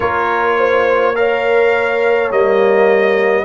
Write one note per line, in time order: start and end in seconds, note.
0.00 2.30 A#3
0.00 1.15 F4
0.00 0.56 A#4
0.00 1.15 C#5
0.58 1.15 C5
1.15 2.30 A#4
1.15 3.44 C#5
1.15 2.31 F5
2.30 3.44 G3
2.30 3.44 A#3
2.30 3.44 D#5